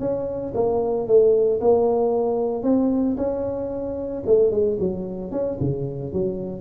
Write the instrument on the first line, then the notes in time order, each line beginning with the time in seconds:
tuba
0.00 C#4
0.55 A#3
1.07 A3
1.61 A#3
2.63 C4
3.17 C#4
4.26 A3
4.51 G#3
4.80 F#3
5.31 C#4
5.60 C#3
6.13 F#3